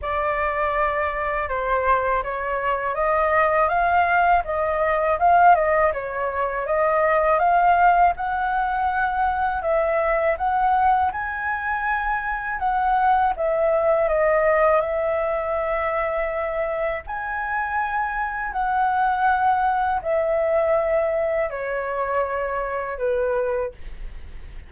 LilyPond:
\new Staff \with { instrumentName = "flute" } { \time 4/4 \tempo 4 = 81 d''2 c''4 cis''4 | dis''4 f''4 dis''4 f''8 dis''8 | cis''4 dis''4 f''4 fis''4~ | fis''4 e''4 fis''4 gis''4~ |
gis''4 fis''4 e''4 dis''4 | e''2. gis''4~ | gis''4 fis''2 e''4~ | e''4 cis''2 b'4 | }